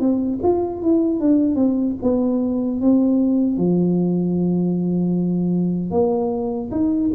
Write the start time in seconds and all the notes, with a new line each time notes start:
0.00 C4
0.43 F4
0.83 E4
1.20 D4
1.55 C4
2.03 B3
2.81 C4
3.57 F3
5.91 A#3
6.71 D#4